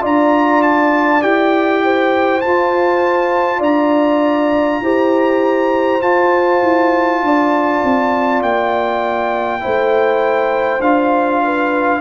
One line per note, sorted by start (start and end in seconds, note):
0.00 1.23 D4
0.00 1.20 F4
0.00 1.82 D5
0.00 0.62 A#5
0.62 1.22 A5
1.22 2.43 E4
1.22 2.42 G4
1.22 2.41 G5
1.84 3.59 C5
2.41 4.83 F4
2.41 3.60 F4
2.41 3.60 A5
3.59 4.79 D4
3.59 4.79 D5
3.59 6.02 A#5
4.81 6.01 E4
4.81 6.02 G4
4.81 7.23 C5
6.02 6.62 F4
6.02 9.60 F4
6.02 8.42 A5
6.62 7.22 E4
7.22 7.82 D4
7.22 9.63 D5
7.83 8.42 C4
8.42 9.62 A#3
8.42 10.81 G5
9.60 10.80 A3
9.60 10.80 E4
9.60 11.43 C5
10.80 12.00 D4
10.80 12.00 F4
10.80 12.00 F5
11.44 12.00 B4